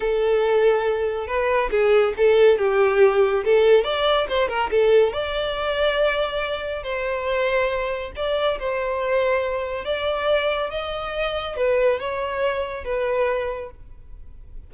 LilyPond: \new Staff \with { instrumentName = "violin" } { \time 4/4 \tempo 4 = 140 a'2. b'4 | gis'4 a'4 g'2 | a'4 d''4 c''8 ais'8 a'4 | d''1 |
c''2. d''4 | c''2. d''4~ | d''4 dis''2 b'4 | cis''2 b'2 | }